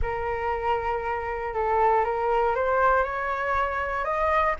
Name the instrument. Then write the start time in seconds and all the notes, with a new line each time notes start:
flute
0.01 A#4
1.53 A4
2.04 A#4
2.55 C5
3.03 C#5
4.04 D#5